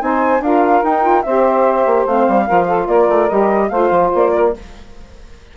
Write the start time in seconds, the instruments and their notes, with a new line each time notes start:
0.00 bassoon C4, saxophone D#4 C5, flute G#5
0.40 bassoon D4, saxophone F4 A#4, flute F5
0.83 saxophone D#4, bassoon D#4, flute G5
1.02 saxophone F4
1.22 bassoon C4, saxophone C5, flute E5
1.28 saxophone G4
1.86 bassoon A#3
2.06 bassoon A3, saxophone C4, flute F5
2.28 bassoon G3
2.46 bassoon F3, saxophone F4 A#4
2.68 saxophone A4
2.86 bassoon A#3, saxophone A#4, flute D5
3.09 bassoon A3
3.29 bassoon G3, saxophone G4, flute D#5
3.69 bassoon A3, saxophone F4 C5, flute F5
3.91 bassoon F3
4.14 bassoon A#3, flute D5
4.34 saxophone A#4